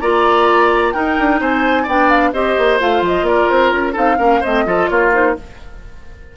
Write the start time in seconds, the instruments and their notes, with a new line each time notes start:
0.00 bassoon A#3, clarinet F4, oboe D5, flute A#5
0.92 clarinet D#4, bassoon D#4, oboe A#4, flute G5
1.19 bassoon D4
1.41 bassoon C4, oboe C5, flute G#5
1.83 bassoon B3, clarinet D4, oboe D5, flute G5
2.09 flute F5
2.32 bassoon C4, clarinet G4, oboe C5, flute D#5
2.58 bassoon A#3
2.80 bassoon A3, clarinet F4, flute F5
3.01 bassoon F3, flute D#5
3.22 bassoon A#3, oboe A#4, flute D5
3.49 bassoon C4, flute C5
3.71 bassoon C#4, flute A#4
3.93 bassoon C4, clarinet D#4, oboe A4, flute F5
4.18 bassoon A#3, clarinet C#4, oboe A#4
4.41 bassoon A3, clarinet C4, oboe C5, flute D#5
4.66 bassoon F3, clarinet F4, oboe A4
4.88 bassoon A#3, oboe F4, flute C#5
5.12 clarinet D#4, flute C5